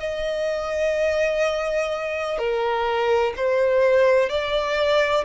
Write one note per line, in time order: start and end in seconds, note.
0.00 2.38 D#5
2.38 3.33 A#4
3.37 4.29 C5
4.29 5.25 D5